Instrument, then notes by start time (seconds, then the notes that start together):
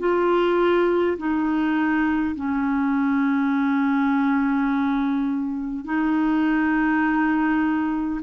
clarinet
0.00 F4
1.18 D#4
2.36 C#4
5.85 D#4